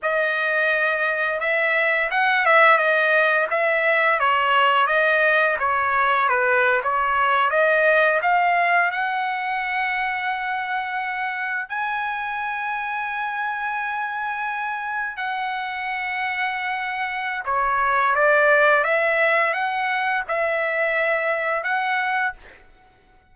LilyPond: \new Staff \with { instrumentName = "trumpet" } { \time 4/4 \tempo 4 = 86 dis''2 e''4 fis''8 e''8 | dis''4 e''4 cis''4 dis''4 | cis''4 b'8. cis''4 dis''4 f''16~ | f''8. fis''2.~ fis''16~ |
fis''8. gis''2.~ gis''16~ | gis''4.~ gis''16 fis''2~ fis''16~ | fis''4 cis''4 d''4 e''4 | fis''4 e''2 fis''4 | }